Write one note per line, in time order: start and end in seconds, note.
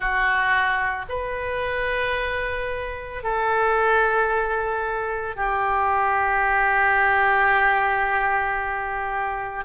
0.00 1.05 F#4
1.09 3.23 B4
3.23 5.36 A4
5.36 9.64 G4